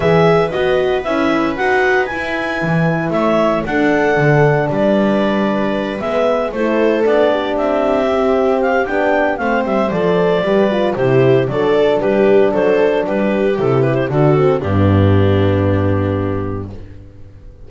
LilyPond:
<<
  \new Staff \with { instrumentName = "clarinet" } { \time 4/4 \tempo 4 = 115 e''4 dis''4 e''4 fis''4 | gis''2 e''4 fis''4~ | fis''4 d''2~ d''8 e''8~ | e''8 c''4 d''4 e''4.~ |
e''8 f''8 g''4 f''8 e''8 d''4~ | d''4 c''4 d''4 b'4 | c''4 b'4 a'8 b'16 c''16 a'4 | g'1 | }
  \new Staff \with { instrumentName = "viola" } { \time 4/4 b'1~ | b'2 cis''4 a'4~ | a'4 b'2.~ | b'8 a'4. g'2~ |
g'2 c''2 | b'4 g'4 a'4 g'4 | a'4 g'2 fis'4 | d'1 | }
  \new Staff \with { instrumentName = "horn" } { \time 4/4 gis'4 fis'4 e'4 fis'4 | e'2. d'4~ | d'2.~ d'8 b8~ | b8 e'4 d'2 c'8~ |
c'4 d'4 c'4 a'4 | g'8 f'8 e'4 d'2~ | d'2 e'4 d'8 c'8 | b1 | }
  \new Staff \with { instrumentName = "double bass" } { \time 4/4 e4 b4 cis'4 dis'4 | e'4 e4 a4 d'4 | d4 g2~ g8 gis8~ | gis8 a4 b4 c'4.~ |
c'4 b4 a8 g8 f4 | g4 c4 fis4 g4 | fis4 g4 c4 d4 | g,1 | }
>>